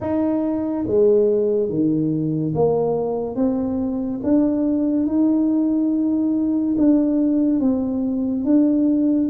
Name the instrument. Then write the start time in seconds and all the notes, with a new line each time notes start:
tuba
0.00 D#4
0.87 G#3
1.69 D#3
2.55 A#3
3.35 C4
4.23 D4
5.06 D#4
6.77 D4
7.59 C4
8.44 D4